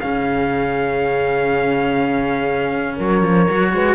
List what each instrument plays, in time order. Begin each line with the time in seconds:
0.00 cello C#3 C#4, horn G#4, trumpet F5
2.96 cello F#3, horn A#4, trumpet C#5
3.22 cello F3
3.50 cello F#3 F#4
3.73 cello G#3, horn B4